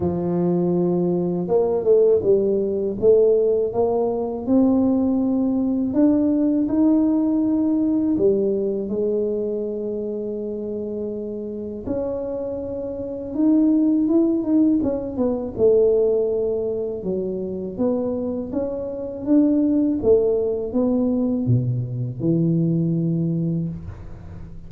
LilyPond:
\new Staff \with { instrumentName = "tuba" } { \time 4/4 \tempo 4 = 81 f2 ais8 a8 g4 | a4 ais4 c'2 | d'4 dis'2 g4 | gis1 |
cis'2 dis'4 e'8 dis'8 | cis'8 b8 a2 fis4 | b4 cis'4 d'4 a4 | b4 b,4 e2 | }